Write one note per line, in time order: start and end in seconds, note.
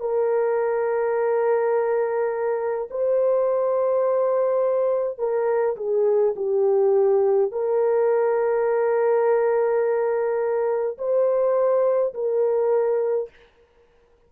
0.00 2.88 A#4
2.90 5.18 C5
5.18 5.76 A#4
5.76 6.34 G#4
6.36 7.52 G4
7.52 10.98 A#4
10.98 12.13 C5
12.14 13.29 A#4